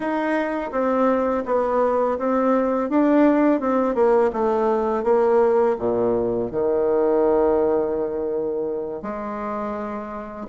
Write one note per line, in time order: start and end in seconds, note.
0.00 0.70 D#4
0.71 1.44 C4
1.45 2.18 B3
2.18 2.89 C4
2.89 3.60 D4
3.60 3.94 C4
3.94 4.30 A#3
4.32 5.03 A3
5.03 5.76 A#3
5.78 6.51 A#2
6.51 9.02 D#3
9.02 10.46 G#3